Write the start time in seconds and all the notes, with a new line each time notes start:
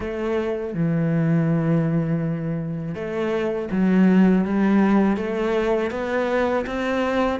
0.00 A3
0.74 E3
2.95 A3
3.71 F#3
4.44 G3
5.16 A3
5.91 B3
6.66 C4